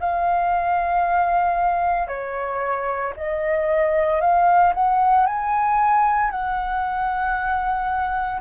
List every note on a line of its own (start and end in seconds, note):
0.00 2.08 F5
2.08 3.13 C#5
3.16 4.21 D#5
4.21 4.73 F5
4.74 5.26 F#5
5.26 6.31 G#5
6.31 8.41 F#5